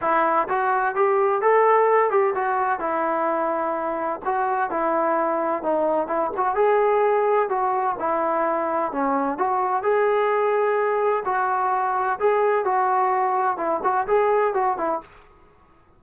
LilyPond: \new Staff \with { instrumentName = "trombone" } { \time 4/4 \tempo 4 = 128 e'4 fis'4 g'4 a'4~ | a'8 g'8 fis'4 e'2~ | e'4 fis'4 e'2 | dis'4 e'8 fis'8 gis'2 |
fis'4 e'2 cis'4 | fis'4 gis'2. | fis'2 gis'4 fis'4~ | fis'4 e'8 fis'8 gis'4 fis'8 e'8 | }